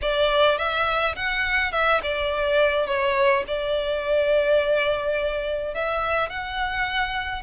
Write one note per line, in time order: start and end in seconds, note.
0.01 0.58 D5
0.58 1.15 E5
1.15 1.72 F#5
1.72 2.00 E5
2.02 2.86 D5
2.86 3.44 C#5
3.47 5.74 D5
5.74 6.29 E5
6.29 7.42 F#5